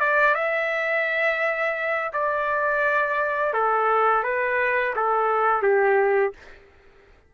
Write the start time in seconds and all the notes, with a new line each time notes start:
0.00 D5
0.35 E5
2.13 D5
3.54 A4
4.24 B4
4.96 A4
5.63 G4